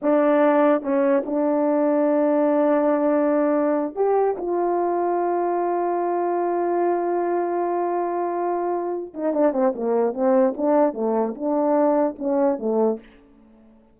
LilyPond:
\new Staff \with { instrumentName = "horn" } { \time 4/4 \tempo 4 = 148 d'2 cis'4 d'4~ | d'1~ | d'4.~ d'16 g'4 f'4~ f'16~ | f'1~ |
f'1~ | f'2~ f'8 dis'8 d'8 c'8 | ais4 c'4 d'4 a4 | d'2 cis'4 a4 | }